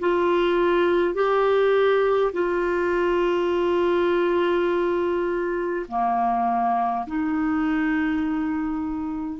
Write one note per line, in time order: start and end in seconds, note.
0.00 1.14 F4
1.14 2.32 G4
2.33 5.86 F4
5.88 7.06 A#3
7.07 9.40 D#4